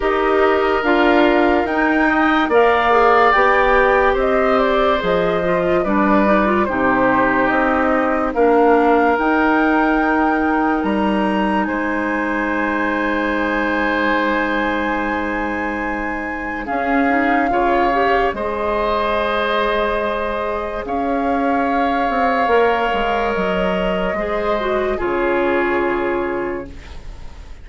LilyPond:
<<
  \new Staff \with { instrumentName = "flute" } { \time 4/4 \tempo 4 = 72 dis''4 f''4 g''4 f''4 | g''4 dis''8 d''8 dis''4 d''4 | c''4 dis''4 f''4 g''4~ | g''4 ais''4 gis''2~ |
gis''1 | f''2 dis''2~ | dis''4 f''2. | dis''2 cis''2 | }
  \new Staff \with { instrumentName = "oboe" } { \time 4/4 ais'2~ ais'8 dis''8 d''4~ | d''4 c''2 b'4 | g'2 ais'2~ | ais'2 c''2~ |
c''1 | gis'4 cis''4 c''2~ | c''4 cis''2.~ | cis''4 c''4 gis'2 | }
  \new Staff \with { instrumentName = "clarinet" } { \time 4/4 g'4 f'4 dis'4 ais'8 gis'8 | g'2 gis'8 f'8 d'8 dis'16 f'16 | dis'2 d'4 dis'4~ | dis'1~ |
dis'1 | cis'8 dis'8 f'8 g'8 gis'2~ | gis'2. ais'4~ | ais'4 gis'8 fis'8 f'2 | }
  \new Staff \with { instrumentName = "bassoon" } { \time 4/4 dis'4 d'4 dis'4 ais4 | b4 c'4 f4 g4 | c4 c'4 ais4 dis'4~ | dis'4 g4 gis2~ |
gis1 | cis'4 cis4 gis2~ | gis4 cis'4. c'8 ais8 gis8 | fis4 gis4 cis2 | }
>>